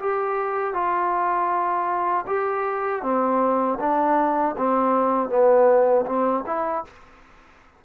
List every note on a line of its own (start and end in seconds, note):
0.00 0.74 G4
0.74 2.26 F4
2.27 3.03 G4
3.03 3.79 C4
3.80 4.56 D4
4.58 5.30 C4
5.30 6.06 B3
6.06 6.44 C4
6.47 6.85 E4